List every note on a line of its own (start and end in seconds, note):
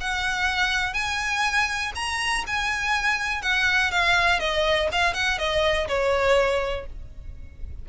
0.00 0.93 F#5
0.93 1.92 G#5
1.95 2.44 A#5
2.47 3.42 G#5
3.42 3.91 F#5
3.91 4.39 F5
4.39 4.88 D#5
4.92 5.14 F5
5.14 5.38 F#5
5.38 5.87 D#5
5.88 6.86 C#5